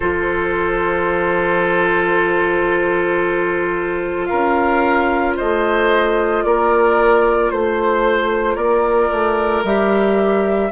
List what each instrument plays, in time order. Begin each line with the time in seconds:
0.00 bassoon F3, clarinet F4, oboe A4, flute C5
4.25 oboe A#4, flute F5
4.31 bassoon C#4
5.36 bassoon A3, oboe C5, flute D#5
6.44 bassoon A#3, oboe A#4, flute D5
7.50 bassoon A3, flute C5, oboe C5
8.54 bassoon A#3, oboe A#4, flute D5
9.11 bassoon A3
9.63 bassoon G3, clarinet G4, flute E5